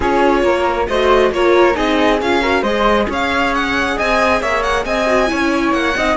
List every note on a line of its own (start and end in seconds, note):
0.00 0.43 C#4
0.00 0.88 F4
0.00 0.42 G#4
0.00 0.87 C#5
0.43 0.87 A#3
0.43 0.88 A#4
0.87 1.31 A3
0.87 1.33 F#4
0.87 1.33 C5
0.87 1.32 D#5
1.31 1.75 A#3
1.31 1.74 F4
1.31 1.75 A#4
1.31 1.75 C#5
1.74 2.21 C4
1.74 2.18 D#4
1.74 2.41 G#4
1.74 2.20 D#5
2.21 2.62 C#4
2.21 2.42 F4
2.21 2.63 F5
2.41 2.64 F#4
2.41 2.61 A#4
2.61 3.06 G#3
2.61 5.06 G#4
2.61 3.05 C5
2.61 3.07 D#5
3.09 3.97 C#4
3.09 3.96 C#5
3.09 3.54 F5
3.54 3.98 F#5
3.96 4.41 C4
3.96 4.40 D#5
3.96 4.42 G#5
4.40 4.85 A#3
4.40 4.85 C#5
4.40 4.62 E5
4.62 4.84 F#5
4.85 5.29 C4
4.85 5.30 D#5
4.85 5.72 G#5
5.06 5.27 F#4
5.27 5.72 C#4
5.27 5.93 E4
5.27 5.96 C#5
5.72 5.94 A#3
5.72 6.16 F#5
5.96 6.16 C4
5.96 6.16 D#4
5.96 6.16 D#5